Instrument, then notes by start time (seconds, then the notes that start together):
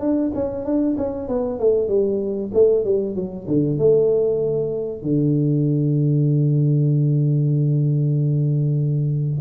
tuba
0.00 D4
0.35 C#4
0.65 D4
0.97 C#4
1.28 B3
1.59 A3
1.88 G3
2.54 A3
2.84 G3
3.15 F#3
3.47 D3
3.78 A3
5.02 D3